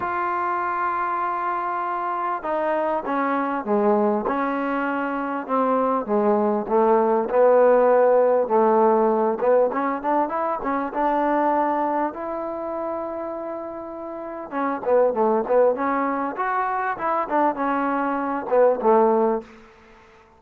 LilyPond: \new Staff \with { instrumentName = "trombone" } { \time 4/4 \tempo 4 = 99 f'1 | dis'4 cis'4 gis4 cis'4~ | cis'4 c'4 gis4 a4 | b2 a4. b8 |
cis'8 d'8 e'8 cis'8 d'2 | e'1 | cis'8 b8 a8 b8 cis'4 fis'4 | e'8 d'8 cis'4. b8 a4 | }